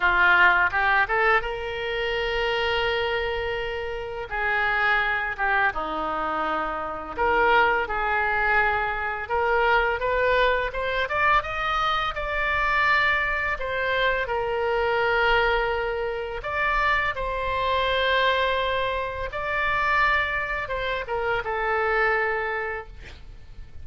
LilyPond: \new Staff \with { instrumentName = "oboe" } { \time 4/4 \tempo 4 = 84 f'4 g'8 a'8 ais'2~ | ais'2 gis'4. g'8 | dis'2 ais'4 gis'4~ | gis'4 ais'4 b'4 c''8 d''8 |
dis''4 d''2 c''4 | ais'2. d''4 | c''2. d''4~ | d''4 c''8 ais'8 a'2 | }